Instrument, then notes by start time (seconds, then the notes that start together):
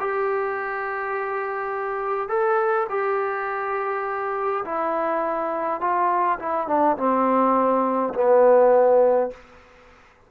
trombone
0.00 G4
2.29 A4
2.90 G4
4.65 E4
5.81 F4
6.39 E4
6.68 D4
6.97 C4
8.14 B3